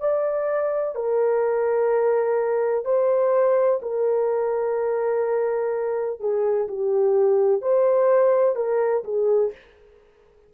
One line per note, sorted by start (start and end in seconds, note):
0.00 0.95 D5
0.96 2.85 A#4
2.85 3.81 C5
3.82 6.20 A#4
6.20 6.68 G#4
6.68 7.62 G4
7.62 8.56 C5
8.56 9.04 A#4
9.04 9.52 G#4